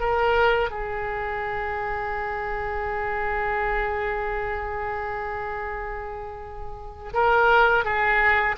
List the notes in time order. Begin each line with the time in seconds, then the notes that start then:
0.00 A#4
0.70 G#4
7.13 A#4
7.84 G#4